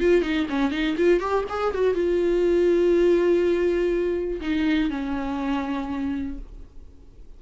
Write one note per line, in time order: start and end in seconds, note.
0.00 0.22 F4
0.22 0.47 D#4
0.50 0.71 C#4
0.71 0.96 D#4
0.97 1.20 F4
1.20 1.45 G4
1.49 1.74 G#4
1.74 1.94 F#4
1.94 4.40 F4
4.41 4.90 D#4
4.90 6.38 C#4